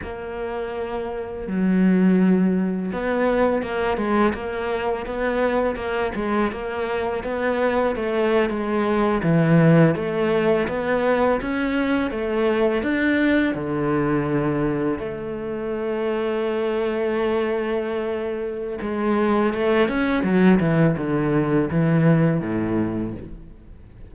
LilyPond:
\new Staff \with { instrumentName = "cello" } { \time 4/4 \tempo 4 = 83 ais2 fis2 | b4 ais8 gis8 ais4 b4 | ais8 gis8 ais4 b4 a8. gis16~ | gis8. e4 a4 b4 cis'16~ |
cis'8. a4 d'4 d4~ d16~ | d8. a2.~ a16~ | a2 gis4 a8 cis'8 | fis8 e8 d4 e4 a,4 | }